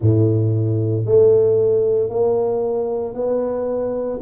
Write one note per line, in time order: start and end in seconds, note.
0.00 1.05 A2
1.05 2.09 A3
2.09 3.14 A#3
3.14 4.19 B3